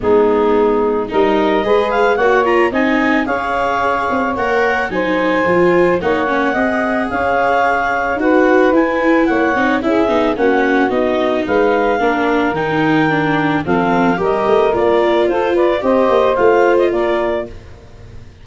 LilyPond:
<<
  \new Staff \with { instrumentName = "clarinet" } { \time 4/4 \tempo 4 = 110 gis'2 dis''4. f''8 | fis''8 ais''8 gis''4 f''2 | fis''4 gis''2 fis''4~ | fis''4 f''2 fis''4 |
gis''4 fis''4 e''4 fis''4 | dis''4 f''2 g''4~ | g''4 f''4 dis''4 d''4 | c''8 d''8 dis''4 f''8. dis''16 d''4 | }
  \new Staff \with { instrumentName = "saxophone" } { \time 4/4 dis'2 ais'4 b'4 | cis''4 dis''4 cis''2~ | cis''4 c''2 cis''4 | dis''4 cis''2 b'4~ |
b'4 cis''4 gis'4 fis'4~ | fis'4 b'4 ais'2~ | ais'4 a'4 ais'2 | a'8 b'8 c''2 ais'4 | }
  \new Staff \with { instrumentName = "viola" } { \time 4/4 b2 dis'4 gis'4 | fis'8 f'8 dis'4 gis'2 | ais'4 dis'4 f'4 dis'8 cis'8 | gis'2. fis'4 |
e'4. dis'8 e'8 dis'8 cis'4 | dis'2 d'4 dis'4 | d'4 c'4 g'4 f'4~ | f'4 g'4 f'2 | }
  \new Staff \with { instrumentName = "tuba" } { \time 4/4 gis2 g4 gis4 | ais4 c'4 cis'4. c'8 | ais4 fis4 f4 ais4 | c'4 cis'2 dis'4 |
e'4 ais8 c'8 cis'8 b8 ais4 | b4 gis4 ais4 dis4~ | dis4 f4 g8 a8 ais4 | f'4 c'8 ais8 a4 ais4 | }
>>